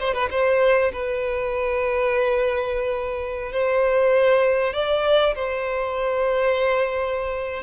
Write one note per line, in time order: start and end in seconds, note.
0.00 0.14 C5
0.14 0.29 B4
0.31 0.92 C5
0.93 3.52 B4
3.52 4.73 C5
4.73 5.35 D5
5.35 7.63 C5